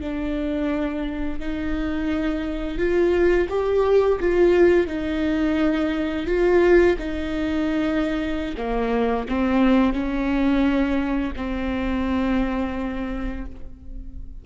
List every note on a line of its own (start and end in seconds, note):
0.00 1.39 D4
1.39 2.77 D#4
2.77 3.47 F4
3.49 4.19 G4
4.20 4.87 F4
4.87 6.26 D#4
6.26 6.96 F4
6.98 8.55 D#4
8.57 9.27 A#3
9.28 9.93 C4
9.93 11.32 C#4
11.36 13.45 C4